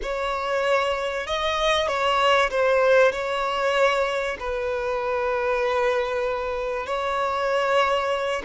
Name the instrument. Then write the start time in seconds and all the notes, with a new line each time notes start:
violin
0.02 C#5
1.27 D#5
1.87 C#5
2.50 C5
3.12 C#5
4.39 B4
6.86 C#5